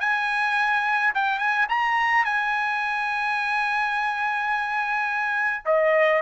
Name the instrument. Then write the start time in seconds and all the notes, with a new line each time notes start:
trumpet
0.00 G#5
1.14 G5
1.38 G#5
1.69 A#5
2.25 G#5
5.65 D#5